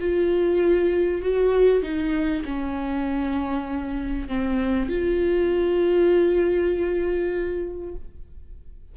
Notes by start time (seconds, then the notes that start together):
0.00 F4
1.22 F#4
1.83 D#4
2.45 C#4
4.29 C4
4.89 F4